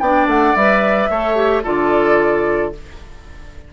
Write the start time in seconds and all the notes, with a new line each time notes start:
0.00 B3 D4 D5 G5
0.27 A3 F#5
0.55 G3 B4 E5
1.10 A3 A4 C#5
1.36 G4
1.63 D3 F4 A4 D5